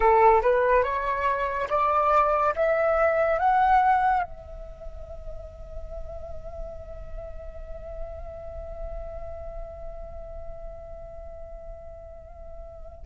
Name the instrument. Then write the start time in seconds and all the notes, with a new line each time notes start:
flute
0.00 A4
0.41 B4
0.83 C#5
1.69 D5
2.55 E5
3.38 F#5
4.23 E5